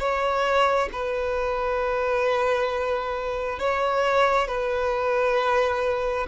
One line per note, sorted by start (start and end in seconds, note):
0.00 0.90 C#5
0.92 3.59 B4
3.59 4.48 C#5
4.48 6.27 B4